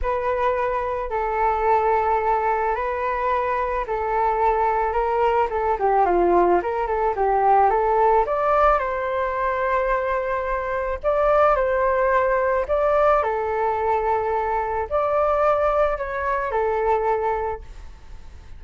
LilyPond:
\new Staff \with { instrumentName = "flute" } { \time 4/4 \tempo 4 = 109 b'2 a'2~ | a'4 b'2 a'4~ | a'4 ais'4 a'8 g'8 f'4 | ais'8 a'8 g'4 a'4 d''4 |
c''1 | d''4 c''2 d''4 | a'2. d''4~ | d''4 cis''4 a'2 | }